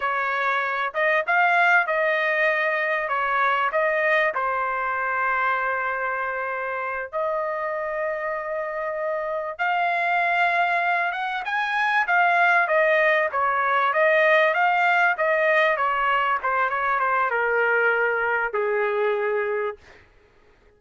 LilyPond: \new Staff \with { instrumentName = "trumpet" } { \time 4/4 \tempo 4 = 97 cis''4. dis''8 f''4 dis''4~ | dis''4 cis''4 dis''4 c''4~ | c''2.~ c''8 dis''8~ | dis''2.~ dis''8 f''8~ |
f''2 fis''8 gis''4 f''8~ | f''8 dis''4 cis''4 dis''4 f''8~ | f''8 dis''4 cis''4 c''8 cis''8 c''8 | ais'2 gis'2 | }